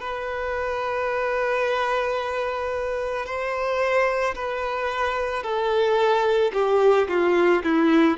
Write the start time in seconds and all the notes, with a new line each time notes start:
0.00 B4
3.26 C5
4.35 B4
5.43 A4
6.53 G4
7.08 F4
7.64 E4